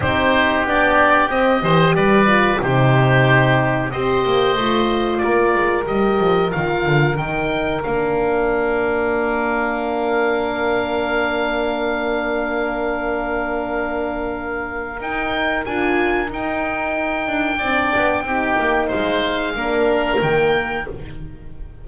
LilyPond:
<<
  \new Staff \with { instrumentName = "oboe" } { \time 4/4 \tempo 4 = 92 c''4 d''4 dis''4 d''4 | c''2 dis''2 | d''4 dis''4 f''4 g''4 | f''1~ |
f''1~ | f''2. g''4 | gis''4 g''2.~ | g''4 f''2 g''4 | }
  \new Staff \with { instrumentName = "oboe" } { \time 4/4 g'2~ g'8 c''8 b'4 | g'2 c''2 | ais'1~ | ais'1~ |
ais'1~ | ais'1~ | ais'2. d''4 | g'4 c''4 ais'2 | }
  \new Staff \with { instrumentName = "horn" } { \time 4/4 dis'4 d'4 c'8 g'4 f'8 | dis'2 g'4 f'4~ | f'4 g'4 f'4 dis'4 | d'1~ |
d'1~ | d'2. dis'4 | f'4 dis'2 d'4 | dis'2 d'4 ais4 | }
  \new Staff \with { instrumentName = "double bass" } { \time 4/4 c'4 b4 c'8 e8 g4 | c2 c'8 ais8 a4 | ais8 gis8 g8 f8 dis8 d8 dis4 | ais1~ |
ais1~ | ais2. dis'4 | d'4 dis'4. d'8 c'8 b8 | c'8 ais8 gis4 ais4 dis4 | }
>>